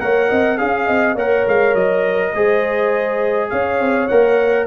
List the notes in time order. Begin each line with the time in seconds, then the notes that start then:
0.00 A#3 A#4 C#5 F#5
0.29 C4 D#5
0.58 C#4 G#4 F5
0.87 C4 D#5
1.16 A#3 A#4 C#5 F#5
1.48 G#3 F5
1.75 F#3 D#5
2.34 G#3 G#4 C5
3.50 C#4 C#5 F5
3.81 C4
4.08 A#3 A#4 F#5